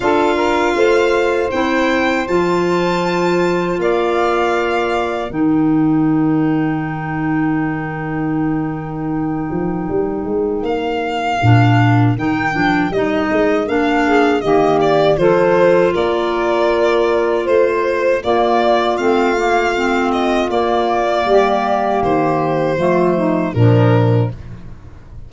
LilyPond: <<
  \new Staff \with { instrumentName = "violin" } { \time 4/4 \tempo 4 = 79 f''2 g''4 a''4~ | a''4 f''2 g''4~ | g''1~ | g''2 f''2 |
g''4 dis''4 f''4 dis''8 d''8 | c''4 d''2 c''4 | d''4 f''4. dis''8 d''4~ | d''4 c''2 ais'4 | }
  \new Staff \with { instrumentName = "saxophone" } { \time 4/4 a'8 ais'8 c''2.~ | c''4 d''2 ais'4~ | ais'1~ | ais'1~ |
ais'2~ ais'8 gis'8 g'4 | a'4 ais'2 c''4 | f'1 | g'2 f'8 dis'8 d'4 | }
  \new Staff \with { instrumentName = "clarinet" } { \time 4/4 f'2 e'4 f'4~ | f'2. dis'4~ | dis'1~ | dis'2. d'4 |
dis'8 d'8 dis'4 d'4 ais4 | f'1 | ais4 c'8 ais8 c'4 ais4~ | ais2 a4 f4 | }
  \new Staff \with { instrumentName = "tuba" } { \time 4/4 d'4 a4 c'4 f4~ | f4 ais2 dis4~ | dis1~ | dis8 f8 g8 gis8 ais4 ais,4 |
dis8 f8 g8 gis8 ais4 dis4 | f4 ais2 a4 | ais4 a2 ais4 | g4 dis4 f4 ais,4 | }
>>